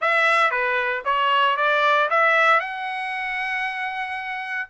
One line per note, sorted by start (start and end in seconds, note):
0.01 0.50 E5
0.50 1.02 B4
1.04 1.57 C#5
1.57 2.09 D5
2.10 2.60 E5
2.60 4.68 F#5